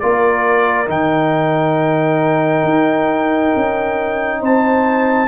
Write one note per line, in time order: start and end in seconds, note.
0.00 0.89 A#3
0.00 0.87 F4
0.00 4.40 A#4
0.00 0.88 D5
0.87 2.64 D#3
0.87 5.28 D#4
0.87 4.43 G5
2.64 3.53 D#4
3.56 4.42 C#4
4.40 5.28 C4
4.40 5.28 C5
4.40 5.28 A5